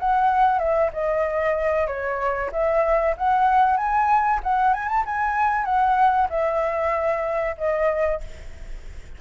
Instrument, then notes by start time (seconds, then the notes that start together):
flute
0.00 F#5
0.59 E5
0.93 D#5
1.87 C#5
2.53 E5
3.18 F#5
3.77 G#5
4.44 F#5
4.74 G#5
4.89 A5
5.06 G#5
5.65 F#5
6.30 E5
7.58 D#5